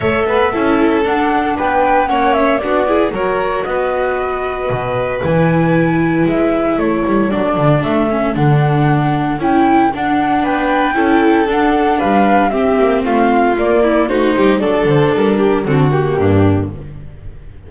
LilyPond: <<
  \new Staff \with { instrumentName = "flute" } { \time 4/4 \tempo 4 = 115 e''2 fis''4 g''4 | fis''8 e''8 d''4 cis''4 dis''4~ | dis''2 gis''2 | e''4 cis''4 d''4 e''4 |
fis''2 g''4 fis''4 | g''2 fis''4 f''4 | e''4 f''4 d''4 c''4 | d''8 c''8 ais'4 a'8 g'4. | }
  \new Staff \with { instrumentName = "violin" } { \time 4/4 cis''8 b'8 a'2 b'4 | cis''4 fis'8 gis'8 ais'4 b'4~ | b'1~ | b'4 a'2.~ |
a'1 | b'4 a'2 b'4 | g'4 f'4. e'8 fis'8 g'8 | a'4. g'8 fis'4 d'4 | }
  \new Staff \with { instrumentName = "viola" } { \time 4/4 a'4 e'4 d'2 | cis'4 d'8 e'8 fis'2~ | fis'2 e'2~ | e'2 d'4. cis'8 |
d'2 e'4 d'4~ | d'4 e'4 d'2 | c'2 ais4 dis'4 | d'2 c'8 ais4. | }
  \new Staff \with { instrumentName = "double bass" } { \time 4/4 a8 b8 cis'4 d'4 b4 | ais4 b4 fis4 b4~ | b4 b,4 e2 | gis4 a8 g8 fis8 d8 a4 |
d2 cis'4 d'4 | b4 cis'4 d'4 g4 | c'8 ais8 a4 ais4 a8 g8 | fis8 d8 g4 d4 g,4 | }
>>